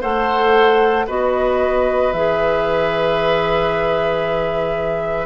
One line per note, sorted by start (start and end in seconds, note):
0.00 1.08 A3
0.00 1.05 A4
0.00 1.06 C5
0.00 1.07 F#5
1.06 2.12 B3
1.06 2.13 F#4
1.06 5.26 B4
1.06 2.12 D#5
2.12 5.26 E3
2.12 5.26 G#4
2.12 5.26 E5